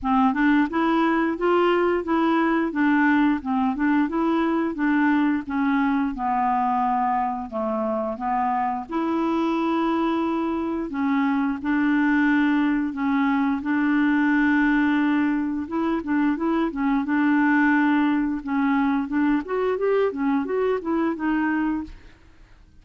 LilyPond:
\new Staff \with { instrumentName = "clarinet" } { \time 4/4 \tempo 4 = 88 c'8 d'8 e'4 f'4 e'4 | d'4 c'8 d'8 e'4 d'4 | cis'4 b2 a4 | b4 e'2. |
cis'4 d'2 cis'4 | d'2. e'8 d'8 | e'8 cis'8 d'2 cis'4 | d'8 fis'8 g'8 cis'8 fis'8 e'8 dis'4 | }